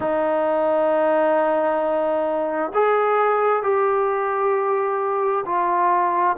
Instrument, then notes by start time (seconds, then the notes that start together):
trombone
0.00 D#4
2.74 G#4
3.62 G4
5.45 F4